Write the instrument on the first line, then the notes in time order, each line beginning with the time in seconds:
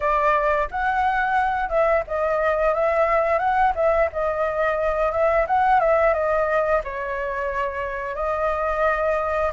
flute
0.00 D5
0.70 F#5
1.69 E5
2.07 D#5
2.74 E5
3.38 F#5
3.75 E5
4.12 D#5
5.11 E5
5.47 F#5
5.80 E5
6.13 D#5
6.84 C#5
8.15 D#5